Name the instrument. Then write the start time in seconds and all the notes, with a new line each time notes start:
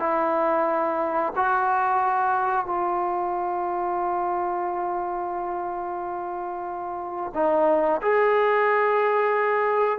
trombone
0.00 E4
1.36 F#4
2.66 F4
7.35 D#4
8.02 G#4